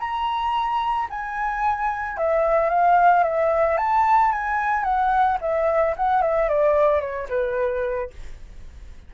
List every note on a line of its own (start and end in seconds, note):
0.00 1.08 A#5
1.10 2.18 G#5
2.18 2.70 E5
2.70 3.24 F5
3.24 3.78 E5
3.78 4.32 A5
4.32 4.84 G#5
4.84 5.38 F#5
5.41 5.95 E5
5.97 6.22 F#5
6.22 6.49 E5
6.49 7.01 D5
7.01 7.28 C#5
7.29 8.11 B4